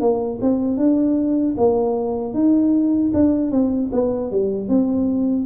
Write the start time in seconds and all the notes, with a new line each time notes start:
0.00 A#3
0.41 C4
0.77 D4
1.57 A#3
2.33 D#4
3.13 D4
3.51 C4
3.92 B3
4.31 G3
4.68 C4